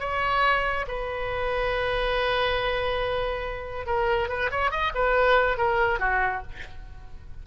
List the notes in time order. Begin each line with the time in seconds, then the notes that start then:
0.00 C#5
0.88 B4
3.86 A#4
4.29 B4
4.51 C#5
4.71 D#5
4.95 B4
5.58 A#4
5.99 F#4